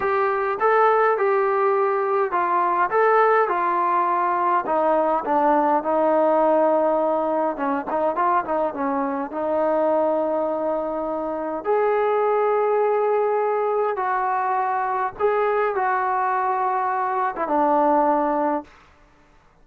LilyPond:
\new Staff \with { instrumentName = "trombone" } { \time 4/4 \tempo 4 = 103 g'4 a'4 g'2 | f'4 a'4 f'2 | dis'4 d'4 dis'2~ | dis'4 cis'8 dis'8 f'8 dis'8 cis'4 |
dis'1 | gis'1 | fis'2 gis'4 fis'4~ | fis'4.~ fis'16 e'16 d'2 | }